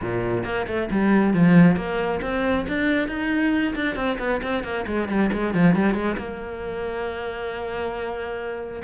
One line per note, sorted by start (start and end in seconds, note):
0.01 0.44 A#2
0.44 0.66 A#3
0.67 0.89 A3
0.90 1.33 G3
1.33 1.76 F3
1.76 2.20 A#3
2.21 2.66 C4
2.68 3.07 D4
3.07 3.74 D#4
3.75 3.95 D4
3.95 4.17 C4
4.19 4.41 B3
4.42 4.63 C4
4.63 4.85 A#3
4.86 5.08 G#3
5.08 5.30 G3
5.32 5.54 G#3
5.54 5.75 F3
5.75 5.94 G3
5.94 6.16 G#3
6.17 8.82 A#3